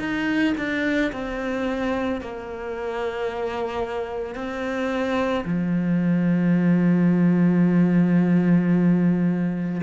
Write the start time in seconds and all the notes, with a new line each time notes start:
0.00 D#4
0.58 D4
1.13 C4
2.22 A#3
4.36 C4
5.45 F3